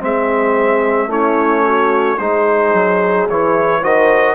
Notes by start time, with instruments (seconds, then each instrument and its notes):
0.00 bassoon G#3, trombone C4, horn G#4, trumpet E5
1.07 bassoon A3, trombone C#4, horn E4, trumpet C#5
1.66 horn F#4
2.18 bassoon G#3, trombone D#4, horn G#4, trumpet C5
2.74 bassoon F#3
3.30 bassoon E3, trombone E4, trumpet C#5
3.80 bassoon D#3, trombone F#4, horn C5, trumpet D#5